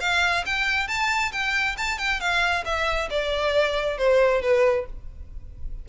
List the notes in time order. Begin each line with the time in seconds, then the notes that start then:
0.00 F5
0.46 G5
0.88 A5
1.32 G5
1.77 A5
1.98 G5
2.20 F5
2.65 E5
3.10 D5
3.98 C5
4.42 B4